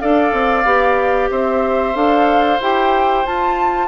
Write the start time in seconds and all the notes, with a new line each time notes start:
0.00 D4 A4 D5 F5
0.33 C4
0.65 B3 G4
1.31 C4 C5 E5
1.95 D4 A4 F5
2.61 E4 G4 G5
3.26 F4 A5